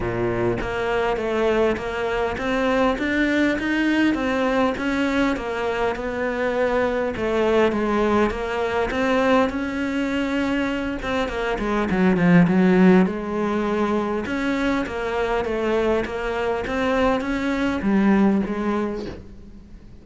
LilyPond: \new Staff \with { instrumentName = "cello" } { \time 4/4 \tempo 4 = 101 ais,4 ais4 a4 ais4 | c'4 d'4 dis'4 c'4 | cis'4 ais4 b2 | a4 gis4 ais4 c'4 |
cis'2~ cis'8 c'8 ais8 gis8 | fis8 f8 fis4 gis2 | cis'4 ais4 a4 ais4 | c'4 cis'4 g4 gis4 | }